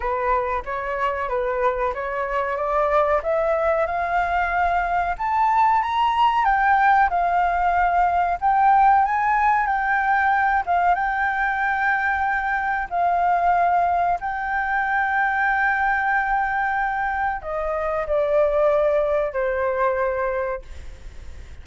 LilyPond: \new Staff \with { instrumentName = "flute" } { \time 4/4 \tempo 4 = 93 b'4 cis''4 b'4 cis''4 | d''4 e''4 f''2 | a''4 ais''4 g''4 f''4~ | f''4 g''4 gis''4 g''4~ |
g''8 f''8 g''2. | f''2 g''2~ | g''2. dis''4 | d''2 c''2 | }